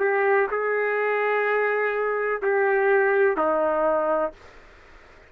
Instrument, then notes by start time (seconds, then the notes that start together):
trumpet
0.00 G4
0.51 G#4
2.42 G4
3.37 D#4